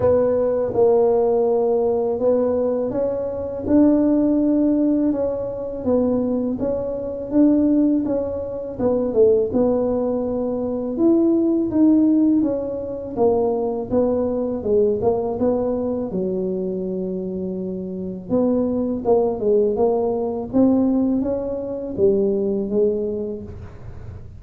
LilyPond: \new Staff \with { instrumentName = "tuba" } { \time 4/4 \tempo 4 = 82 b4 ais2 b4 | cis'4 d'2 cis'4 | b4 cis'4 d'4 cis'4 | b8 a8 b2 e'4 |
dis'4 cis'4 ais4 b4 | gis8 ais8 b4 fis2~ | fis4 b4 ais8 gis8 ais4 | c'4 cis'4 g4 gis4 | }